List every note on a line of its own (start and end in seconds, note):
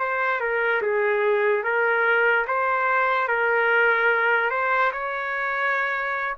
0.00 0.41 C5
0.41 0.82 A#4
0.82 1.64 G#4
1.64 2.46 A#4
2.47 3.28 C5
3.28 4.51 A#4
4.51 4.92 C5
4.92 6.36 C#5